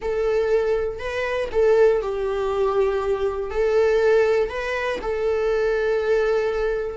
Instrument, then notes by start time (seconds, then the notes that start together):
viola
0.01 A4
0.99 B4
1.52 A4
2.01 G4
3.50 A4
4.49 B4
5.01 A4